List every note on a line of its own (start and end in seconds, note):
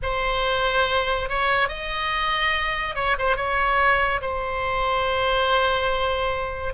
0.02 1.29 C5
1.29 1.68 C#5
1.68 2.95 D#5
2.95 3.16 C#5
3.18 3.36 C5
3.36 4.20 C#5
4.21 6.73 C5